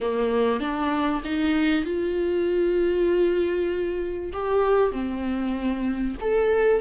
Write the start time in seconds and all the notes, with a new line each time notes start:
0.01 A#3
0.59 D4
1.24 D#4
1.84 F4
4.32 G4
4.92 C4
6.20 A4